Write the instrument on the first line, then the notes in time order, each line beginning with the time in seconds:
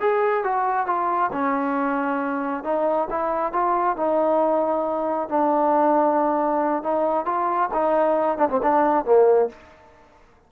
trombone
0.00 G#4
0.44 F#4
0.87 F4
1.32 C#4
2.64 D#4
3.10 E4
3.53 F4
3.96 D#4
5.29 D4
6.83 D#4
7.25 F4
7.73 D#4
8.38 D4
8.49 C4
8.63 D4
9.05 A#3